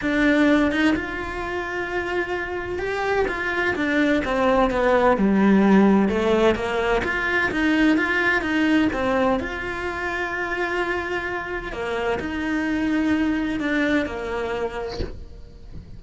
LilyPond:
\new Staff \with { instrumentName = "cello" } { \time 4/4 \tempo 4 = 128 d'4. dis'8 f'2~ | f'2 g'4 f'4 | d'4 c'4 b4 g4~ | g4 a4 ais4 f'4 |
dis'4 f'4 dis'4 c'4 | f'1~ | f'4 ais4 dis'2~ | dis'4 d'4 ais2 | }